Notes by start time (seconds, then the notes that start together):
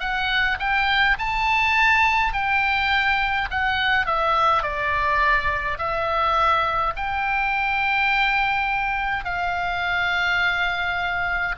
0.00 F#5
0.59 G5
1.19 A5
2.33 G5
3.50 F#5
4.06 E5
4.63 D5
5.78 E5
6.97 G5
9.25 F5